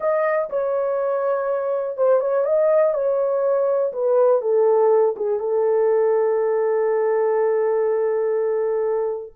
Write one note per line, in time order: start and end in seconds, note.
0.00 0.49 D#5
0.49 1.97 C#5
1.97 2.20 C5
2.20 2.45 C#5
2.45 2.94 D#5
2.94 3.92 C#5
3.93 4.41 B4
4.41 5.15 A4
5.16 5.39 G#4
5.39 9.33 A4